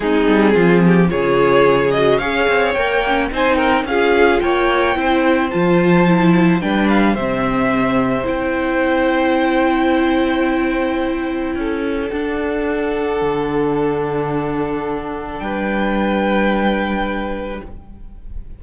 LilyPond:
<<
  \new Staff \with { instrumentName = "violin" } { \time 4/4 \tempo 4 = 109 gis'2 cis''4. dis''8 | f''4 g''4 gis''8 g''8 f''4 | g''2 a''2 | g''8 f''8 e''2 g''4~ |
g''1~ | g''2 fis''2~ | fis''1 | g''1 | }
  \new Staff \with { instrumentName = "violin" } { \time 4/4 dis'4 f'8 g'8 gis'2 | cis''2 c''8 ais'8 gis'4 | cis''4 c''2. | b'4 c''2.~ |
c''1~ | c''4 a'2.~ | a'1 | b'1 | }
  \new Staff \with { instrumentName = "viola" } { \time 4/4 c'2 f'4. fis'8 | gis'4 ais'8 cis'8 dis'4 f'4~ | f'4 e'4 f'4 e'4 | d'4 c'2 e'4~ |
e'1~ | e'2 d'2~ | d'1~ | d'1 | }
  \new Staff \with { instrumentName = "cello" } { \time 4/4 gis8 g8 f4 cis2 | cis'8 c'8 ais4 c'4 cis'4 | ais4 c'4 f2 | g4 c2 c'4~ |
c'1~ | c'4 cis'4 d'2 | d1 | g1 | }
>>